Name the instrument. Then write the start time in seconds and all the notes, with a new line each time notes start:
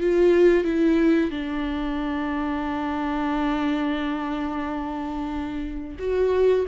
viola
0.00 F4
0.64 E4
1.30 D4
5.99 F#4